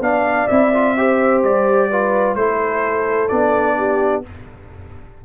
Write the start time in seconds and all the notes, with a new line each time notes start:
0.00 B3 D4 D5 F5
0.47 C4 E4 E5
0.73 F4
0.97 G4 C5
1.43 G3 D5
1.90 F4 B4
2.35 A3 E4 A4 C5
3.28 B3 D4 D5
3.77 G4